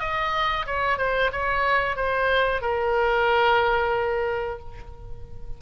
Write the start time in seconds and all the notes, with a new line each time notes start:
0.00 D#5
0.67 C#5
0.98 C5
1.32 C#5
1.96 C5
2.62 A#4